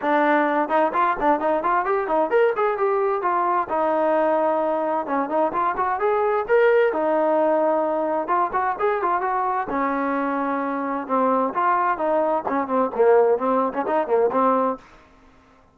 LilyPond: \new Staff \with { instrumentName = "trombone" } { \time 4/4 \tempo 4 = 130 d'4. dis'8 f'8 d'8 dis'8 f'8 | g'8 dis'8 ais'8 gis'8 g'4 f'4 | dis'2. cis'8 dis'8 | f'8 fis'8 gis'4 ais'4 dis'4~ |
dis'2 f'8 fis'8 gis'8 f'8 | fis'4 cis'2. | c'4 f'4 dis'4 cis'8 c'8 | ais4 c'8. cis'16 dis'8 ais8 c'4 | }